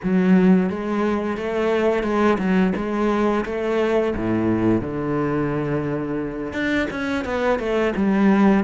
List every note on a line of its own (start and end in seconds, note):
0.03 0.69 F#3
0.69 1.37 G#3
1.37 2.03 A3
2.03 2.37 G#3
2.38 2.72 F#3
2.76 3.45 G#3
3.45 4.14 A3
4.15 4.81 A2
4.81 6.53 D3
6.53 6.87 D4
6.90 7.24 C#4
7.24 7.59 B3
7.59 7.93 A3
7.96 8.64 G3